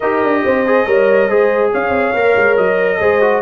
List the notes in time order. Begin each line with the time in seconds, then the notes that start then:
0.00 D#4 G4 A#4 D#5
0.23 D4
0.44 C4 C5
0.66 G#4
0.86 G3 A#4 C#5
1.28 G#3 G#4 C5
1.71 C#4 C#5 F5
1.89 C4
2.14 A#3 A#4
2.36 G#3
2.57 F#3 D#5
3.00 G#3 G#4 C5
3.21 F#4